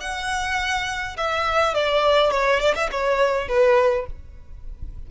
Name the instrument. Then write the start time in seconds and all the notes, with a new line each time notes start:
violin
0.00 F#5
1.17 E5
1.74 D5
2.31 C#5
2.60 D5
2.75 E5
2.91 C#5
3.48 B4